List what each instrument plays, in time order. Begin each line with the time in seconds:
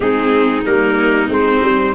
0.00 tuba G#3, viola C4, violin D#4, trumpet G#4
0.65 tuba G3, viola A#3, trumpet A#4
1.28 tuba G#3, viola C4, trumpet C5
1.62 tuba G3